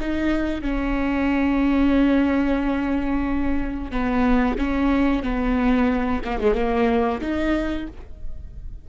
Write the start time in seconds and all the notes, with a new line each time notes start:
0.00 D#4
0.61 C#4
3.91 B3
4.57 C#4
5.23 B3
6.24 A#3
6.40 G#3
6.55 A#3
7.21 D#4